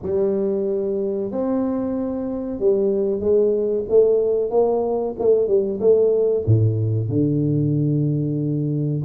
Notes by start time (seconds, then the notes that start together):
0.02 G3
1.31 C4
2.59 G3
3.20 G#3
3.89 A3
4.50 A#3
5.19 A3
5.47 G3
5.80 A3
6.45 A2
7.09 D3